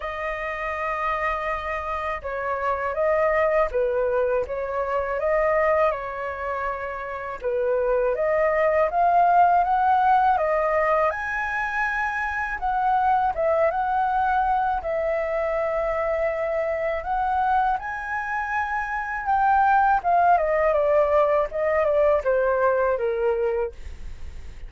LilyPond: \new Staff \with { instrumentName = "flute" } { \time 4/4 \tempo 4 = 81 dis''2. cis''4 | dis''4 b'4 cis''4 dis''4 | cis''2 b'4 dis''4 | f''4 fis''4 dis''4 gis''4~ |
gis''4 fis''4 e''8 fis''4. | e''2. fis''4 | gis''2 g''4 f''8 dis''8 | d''4 dis''8 d''8 c''4 ais'4 | }